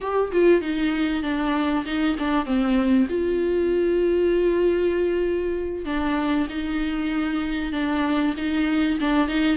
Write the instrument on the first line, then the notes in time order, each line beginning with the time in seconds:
viola
0.00 G4
0.31 F4
0.61 D#4
1.23 D4
1.85 D#4
2.18 D4
2.45 C4
3.09 F4
5.85 D4
6.49 D#4
7.72 D4
8.37 D#4
9.00 D4
9.28 D#4